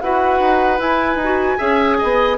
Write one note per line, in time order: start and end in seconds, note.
0.00 0.40 E4
0.00 0.77 F#4
0.00 1.57 B4
0.00 0.79 F#5
0.40 0.79 D#4
0.77 1.17 E4
0.77 1.15 E4
0.77 2.37 G#5
1.15 1.54 D#4
1.23 1.58 F#4
1.57 2.00 C#4
1.57 2.37 G#4
1.57 1.97 E5
1.98 2.37 B3
1.98 2.37 D#5